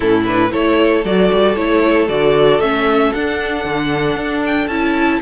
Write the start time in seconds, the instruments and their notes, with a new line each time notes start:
0.00 cello A2, viola C#4, violin E4 A4
0.26 viola D4, violin B4
0.50 cello A3, viola E4, violin A4 C#5
1.04 cello F#3, viola F#4, violin D5
1.32 cello G3
1.55 cello A3, viola E4, violin C#5
2.08 cello D3, viola F#4, violin D5
2.59 cello A3, viola C#4, violin E5
3.12 cello D4, viola D4, violin F#5
3.64 cello D3
4.15 cello D4
4.46 violin G5
4.67 cello C#4, viola E4, violin A5